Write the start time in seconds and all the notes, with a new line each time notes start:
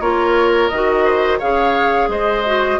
0.00 A#3 F4 A#4 C#5
0.68 D#3 F#4 D#5
1.05 C5
1.39 C#3 G#4 C#5 F5
2.08 G#3 C5 D#5
2.45 F#4